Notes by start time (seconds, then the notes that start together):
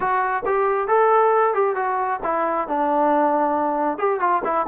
0.00 F#4
0.45 G4
0.87 A4
1.53 G4
1.75 F#4
2.23 E4
2.68 D4
3.98 G4
4.20 F4
4.44 E4